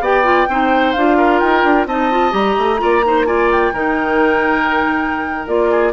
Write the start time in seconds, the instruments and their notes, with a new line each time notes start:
0.00 bassoon B3, clarinet G4, oboe D5, flute G5
0.23 clarinet F4
0.48 bassoon C4, clarinet D#4, oboe C5
0.92 bassoon D4, clarinet F4, flute F5
1.17 oboe A#4
1.38 bassoon D#4, flute G5
1.63 bassoon D4
1.86 bassoon C4, clarinet D#4, oboe D#5, flute A5
2.11 clarinet F4
2.30 bassoon G3, clarinet G4, flute A#5
2.57 bassoon A3
2.78 bassoon A#3, clarinet F4, oboe D5
3.05 clarinet D#4, oboe C5
3.26 clarinet F4, oboe D5, flute G#5
3.51 flute G5
3.72 bassoon D#3, clarinet D#4, oboe A#4
5.47 bassoon A#3, clarinet F4, flute D5
5.71 oboe G#4